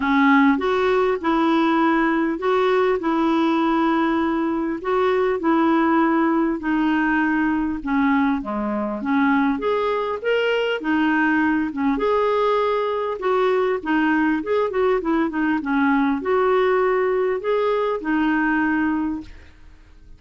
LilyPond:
\new Staff \with { instrumentName = "clarinet" } { \time 4/4 \tempo 4 = 100 cis'4 fis'4 e'2 | fis'4 e'2. | fis'4 e'2 dis'4~ | dis'4 cis'4 gis4 cis'4 |
gis'4 ais'4 dis'4. cis'8 | gis'2 fis'4 dis'4 | gis'8 fis'8 e'8 dis'8 cis'4 fis'4~ | fis'4 gis'4 dis'2 | }